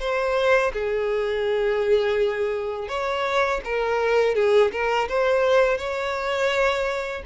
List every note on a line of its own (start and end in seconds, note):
0.00 0.72 C5
0.73 2.88 G#4
2.88 3.61 C#5
3.65 4.35 A#4
4.35 4.72 G#4
4.72 5.08 A#4
5.09 5.78 C5
5.78 7.23 C#5